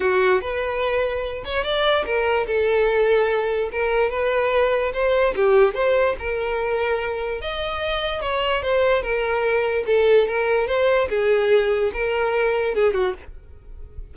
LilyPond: \new Staff \with { instrumentName = "violin" } { \time 4/4 \tempo 4 = 146 fis'4 b'2~ b'8 cis''8 | d''4 ais'4 a'2~ | a'4 ais'4 b'2 | c''4 g'4 c''4 ais'4~ |
ais'2 dis''2 | cis''4 c''4 ais'2 | a'4 ais'4 c''4 gis'4~ | gis'4 ais'2 gis'8 fis'8 | }